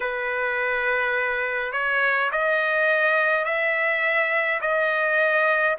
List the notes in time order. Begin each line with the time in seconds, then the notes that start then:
0.00 B4
1.72 C#5
2.31 D#5
3.45 E5
4.61 D#5